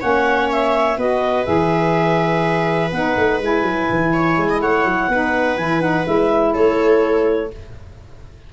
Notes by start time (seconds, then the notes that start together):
0.00 A#3 C#4 C#5 F#5
0.51 E5
0.97 B3 F#4 B4 D#5
1.45 E3 G#4 E5
2.92 B3 D#4 F#5
3.17 A3
3.39 G#3 E4 G#5
3.62 F#3
3.90 E3
4.13 C#5
4.37 G#3
4.50 D#5
4.61 A3 C#5 F#5
4.85 F#3
5.09 B3 D#4 B4
5.57 E3 E4 G#5
5.81 D#4 F#5
6.05 G#3 E4 E5
6.53 A3 A4 C#5